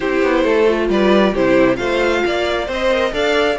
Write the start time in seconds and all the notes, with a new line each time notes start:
0.00 C4 E4 G4 C5
0.22 B3
0.44 A3 A4
0.67 F4
0.89 G3 B4 D5
1.33 C3 E4 G4 C5
1.76 A3 F4 C5 F5
2.25 A#3 D5
2.66 C4 C5
2.72 D#5
2.91 A#4
3.12 D4 A4 D5 F5